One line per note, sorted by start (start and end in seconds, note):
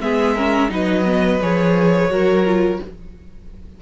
0.00 0.70 G#3
0.00 0.36 B3
0.00 0.36 G#4
0.00 0.71 E5
0.36 0.69 C#4
0.36 0.70 A#4
0.69 1.40 F#3
0.69 1.04 D#4
0.69 2.11 B4
0.69 1.42 D#5
1.05 1.40 B3
1.42 2.09 F3
1.42 2.10 G#4
1.42 2.82 C#5
2.09 2.79 F#3
2.09 2.45 F#4
2.09 2.81 A#4
2.46 2.81 F4